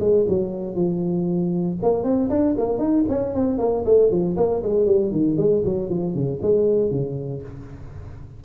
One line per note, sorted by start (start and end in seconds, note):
0.00 0.26 G#3
0.28 0.75 F#3
0.75 1.78 F3
1.82 2.03 A#3
2.03 2.29 C4
2.29 2.55 D4
2.57 2.78 A#3
2.78 3.04 D#4
3.09 3.34 C#4
3.34 3.59 C4
3.59 3.84 A#3
3.85 4.11 A3
4.11 4.37 F3
4.37 4.62 A#3
4.63 4.86 G#3
4.86 5.12 G3
5.12 5.37 D#3
5.37 5.62 G#3
5.65 5.90 F#3
5.90 6.15 F3
6.15 6.40 C#3
6.42 6.91 G#3
6.91 7.42 C#3